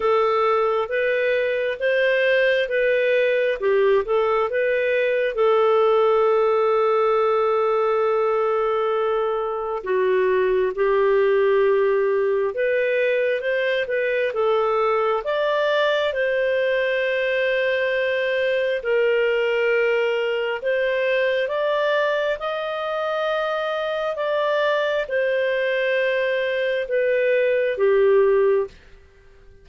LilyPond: \new Staff \with { instrumentName = "clarinet" } { \time 4/4 \tempo 4 = 67 a'4 b'4 c''4 b'4 | g'8 a'8 b'4 a'2~ | a'2. fis'4 | g'2 b'4 c''8 b'8 |
a'4 d''4 c''2~ | c''4 ais'2 c''4 | d''4 dis''2 d''4 | c''2 b'4 g'4 | }